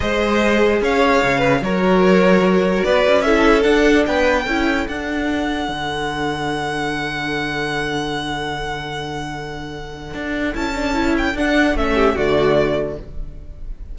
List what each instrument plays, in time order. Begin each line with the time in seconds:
0.00 cello G#3, viola G#4, violin C5 D#5
0.81 cello C#4, violin C#5 F5
1.22 cello C#3
1.38 violin B4
1.61 cello F#3, viola F#4, violin A#4 C#5
2.83 cello B3, violin B4 D5
3.07 cello C#4
3.21 viola E4, violin A4 E5
3.62 viola D4, cello D4, violin F#5
4.06 cello B3, violin B4 G5
4.43 cello C#4, viola E4, violin A4
4.88 cello D4, viola D4, violin F#5
5.68 cello D3
10.13 cello D4
10.52 cello C#4, viola E4, violin A5
10.74 viola D4
10.93 viola E4
11.17 violin G5
11.33 cello D4, viola D4, violin F#5
11.74 cello A3, viola C#4, violin E5
11.95 violin G4
12.15 cello D3, viola A3, violin F#4 D5